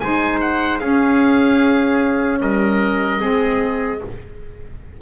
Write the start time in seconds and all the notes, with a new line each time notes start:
0.00 G#3 D#4 C5 G#5
0.41 F#5
0.80 C#4 G#4 F5
2.41 G3 A#4 D#5
3.20 G#3 C4 G#4